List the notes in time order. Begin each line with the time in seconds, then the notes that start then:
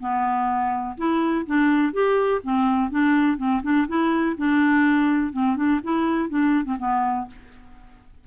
0.00 B3
0.97 E4
1.46 D4
1.93 G4
2.44 C4
2.91 D4
3.38 C4
3.63 D4
3.88 E4
4.37 D4
5.33 C4
5.56 D4
5.84 E4
6.29 D4
6.65 C4
6.79 B3